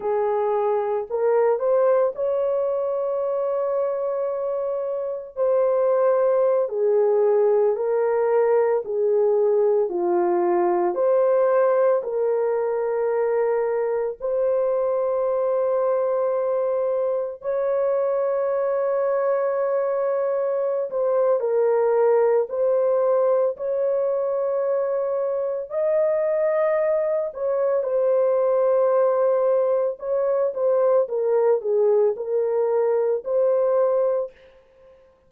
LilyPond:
\new Staff \with { instrumentName = "horn" } { \time 4/4 \tempo 4 = 56 gis'4 ais'8 c''8 cis''2~ | cis''4 c''4~ c''16 gis'4 ais'8.~ | ais'16 gis'4 f'4 c''4 ais'8.~ | ais'4~ ais'16 c''2~ c''8.~ |
c''16 cis''2.~ cis''16 c''8 | ais'4 c''4 cis''2 | dis''4. cis''8 c''2 | cis''8 c''8 ais'8 gis'8 ais'4 c''4 | }